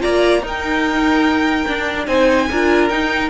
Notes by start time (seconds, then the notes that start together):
0.00 A#3 F4 D5 A#5
0.42 D#4 A#4 G5
1.67 D4
2.07 C4 D#4 C5 G#5
2.51 D4 F4 A#4
2.89 D#4 G5